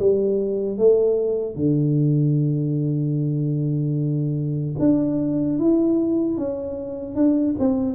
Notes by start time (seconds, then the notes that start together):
0.00 G3
0.78 A3
1.56 D3
4.79 D4
5.59 E4
6.38 C#4
7.16 D4
7.59 C4